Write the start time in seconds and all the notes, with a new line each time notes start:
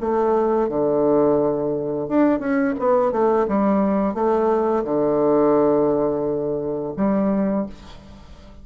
0.00 A3
0.68 D3
2.08 D4
2.39 C#4
2.78 B3
3.11 A3
3.47 G3
4.14 A3
4.84 D3
6.96 G3